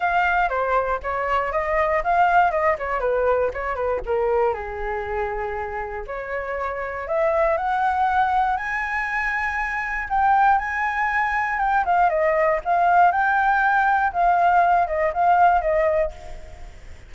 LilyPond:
\new Staff \with { instrumentName = "flute" } { \time 4/4 \tempo 4 = 119 f''4 c''4 cis''4 dis''4 | f''4 dis''8 cis''8 b'4 cis''8 b'8 | ais'4 gis'2. | cis''2 e''4 fis''4~ |
fis''4 gis''2. | g''4 gis''2 g''8 f''8 | dis''4 f''4 g''2 | f''4. dis''8 f''4 dis''4 | }